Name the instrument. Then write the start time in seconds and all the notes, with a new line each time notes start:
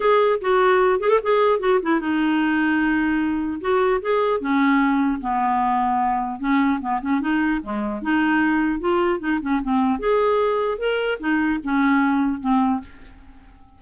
clarinet
0.00 G#4
0.41 F#4
1.00 G#4
1.09 A4
1.23 G#4
1.59 F#4
1.82 E4
2.00 D#4
3.61 F#4
4.01 G#4
4.40 C#4
5.20 B3
6.39 C#4
6.80 B3
7.01 C#4
7.20 D#4
7.62 G#3
8.02 D#4
8.79 F4
9.19 D#4
9.41 C#4
9.62 C4
9.99 G#4
10.78 A#4
11.19 D#4
11.63 C#4
12.40 C4